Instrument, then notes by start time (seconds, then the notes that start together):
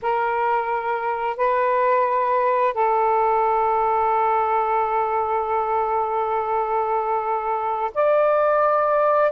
saxophone
0.02 A#4
1.36 B4
2.74 A4
7.94 D5